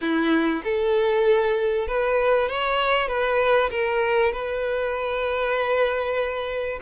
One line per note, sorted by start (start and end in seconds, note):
0.01 0.62 E4
0.64 1.87 A4
1.87 2.49 B4
2.49 3.08 C#5
3.08 3.70 B4
3.70 4.32 A#4
4.32 6.79 B4